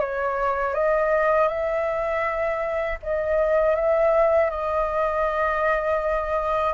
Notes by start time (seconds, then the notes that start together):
0.00 C#5
0.74 D#5
1.49 E5
3.03 D#5
3.76 E5
4.51 D#5